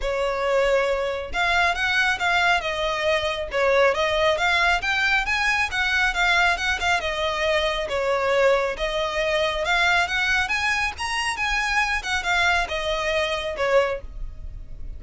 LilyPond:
\new Staff \with { instrumentName = "violin" } { \time 4/4 \tempo 4 = 137 cis''2. f''4 | fis''4 f''4 dis''2 | cis''4 dis''4 f''4 g''4 | gis''4 fis''4 f''4 fis''8 f''8 |
dis''2 cis''2 | dis''2 f''4 fis''4 | gis''4 ais''4 gis''4. fis''8 | f''4 dis''2 cis''4 | }